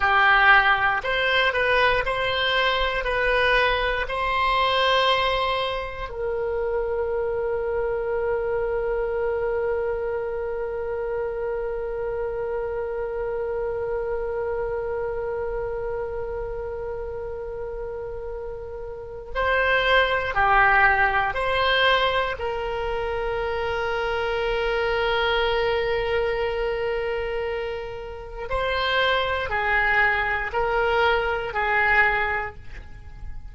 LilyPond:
\new Staff \with { instrumentName = "oboe" } { \time 4/4 \tempo 4 = 59 g'4 c''8 b'8 c''4 b'4 | c''2 ais'2~ | ais'1~ | ais'1~ |
ais'2. c''4 | g'4 c''4 ais'2~ | ais'1 | c''4 gis'4 ais'4 gis'4 | }